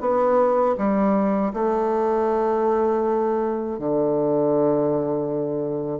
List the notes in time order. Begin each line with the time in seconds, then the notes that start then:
0.00 B3
0.77 G3
1.53 A3
3.78 D3